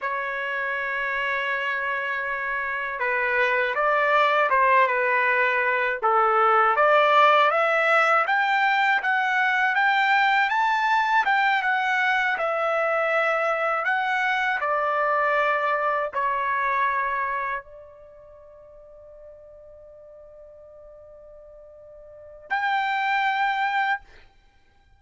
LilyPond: \new Staff \with { instrumentName = "trumpet" } { \time 4/4 \tempo 4 = 80 cis''1 | b'4 d''4 c''8 b'4. | a'4 d''4 e''4 g''4 | fis''4 g''4 a''4 g''8 fis''8~ |
fis''8 e''2 fis''4 d''8~ | d''4. cis''2 d''8~ | d''1~ | d''2 g''2 | }